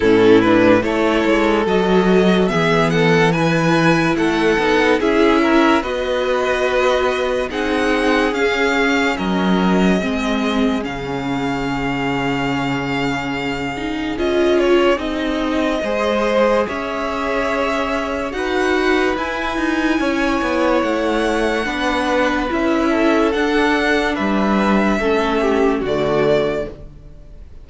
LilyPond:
<<
  \new Staff \with { instrumentName = "violin" } { \time 4/4 \tempo 4 = 72 a'8 b'8 cis''4 dis''4 e''8 fis''8 | gis''4 fis''4 e''4 dis''4~ | dis''4 fis''4 f''4 dis''4~ | dis''4 f''2.~ |
f''4 dis''8 cis''8 dis''2 | e''2 fis''4 gis''4~ | gis''4 fis''2 e''4 | fis''4 e''2 d''4 | }
  \new Staff \with { instrumentName = "violin" } { \time 4/4 e'4 a'2 gis'8 a'8 | b'4 a'4 gis'8 ais'8 b'4~ | b'4 gis'2 ais'4 | gis'1~ |
gis'2. c''4 | cis''2 b'2 | cis''2 b'4. a'8~ | a'4 b'4 a'8 g'8 fis'4 | }
  \new Staff \with { instrumentName = "viola" } { \time 4/4 cis'8 d'8 e'4 fis'4 b4 | e'4. dis'8 e'4 fis'4~ | fis'4 dis'4 cis'2 | c'4 cis'2.~ |
cis'8 dis'8 f'4 dis'4 gis'4~ | gis'2 fis'4 e'4~ | e'2 d'4 e'4 | d'2 cis'4 a4 | }
  \new Staff \with { instrumentName = "cello" } { \time 4/4 a,4 a8 gis8 fis4 e4~ | e4 a8 b8 cis'4 b4~ | b4 c'4 cis'4 fis4 | gis4 cis2.~ |
cis4 cis'4 c'4 gis4 | cis'2 dis'4 e'8 dis'8 | cis'8 b8 a4 b4 cis'4 | d'4 g4 a4 d4 | }
>>